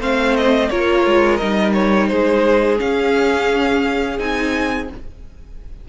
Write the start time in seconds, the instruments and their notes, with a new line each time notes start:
0.00 cello A3, viola C4, violin C5 F5
0.37 violin D#5
0.70 cello A#3, viola F4, violin A#4 C#5
1.06 cello G#3
1.38 cello G3, viola D#4, violin D#5
1.74 violin C#5
2.08 cello G#3, violin G#4 C5
2.78 viola C#4, cello C#4, violin F5
4.19 cello C4, viola D#4, violin G#5